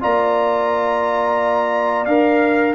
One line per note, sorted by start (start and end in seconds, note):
0.00 2.06 A#3
0.00 2.07 F4
0.00 2.75 D5
0.00 2.05 A#5
2.05 2.75 D4
2.05 2.75 A#4
2.05 2.74 F5